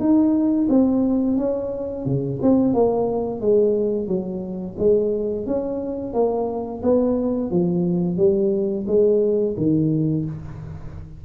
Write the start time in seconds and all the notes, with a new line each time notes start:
0.00 D#4
0.69 C4
1.38 C#4
2.06 C#3
2.42 C4
2.74 A#3
3.41 G#3
4.08 F#3
4.79 G#3
5.47 C#4
6.14 A#3
6.83 B3
7.51 F3
8.18 G3
8.87 G#3
9.57 D#3